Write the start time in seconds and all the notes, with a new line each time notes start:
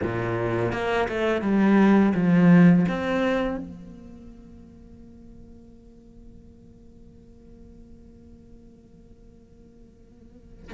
0.02 A#2
0.72 A#3
1.08 A3
1.41 G3
2.14 F3
2.88 C4
3.57 A#3